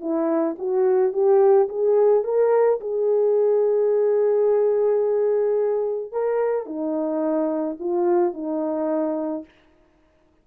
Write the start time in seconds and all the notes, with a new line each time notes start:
0.00 E4
0.58 F#4
1.12 G4
1.68 G#4
2.24 A#4
2.80 G#4
6.12 A#4
6.66 D#4
7.79 F4
8.34 D#4